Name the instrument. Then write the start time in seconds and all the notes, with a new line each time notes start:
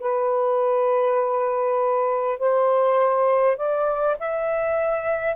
saxophone
0.00 B4
2.39 C5
3.57 D5
4.19 E5